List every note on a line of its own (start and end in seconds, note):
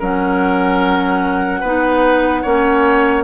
0.00 1.62 F#3
0.00 1.63 C#4
0.00 1.61 A#4
0.00 3.25 F#5
1.61 2.44 B3
1.61 2.45 D#4
1.61 2.42 B4
2.43 3.25 A#3
2.43 3.25 C#4
2.43 3.24 C#5